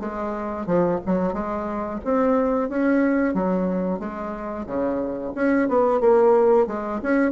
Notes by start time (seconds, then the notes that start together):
0.00 G#3
0.67 F3
1.06 F#3
1.34 G#3
2.05 C4
2.70 C#4
3.35 F#3
4.00 G#3
4.67 C#3
5.35 C#4
5.69 B3
6.01 A#3
6.67 G#3
7.03 C#4